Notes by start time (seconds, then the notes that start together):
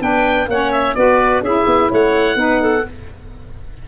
0.00 B3 D4 B4 G5
0.48 A#3 C#4 C#5 F#5
0.72 E5
0.95 B3 F#4 B4 D5
1.41 C#4 E4 G#4 E5
1.67 B3
1.90 A3 C#5 F#5
2.36 B3 D#4 B4
2.62 A4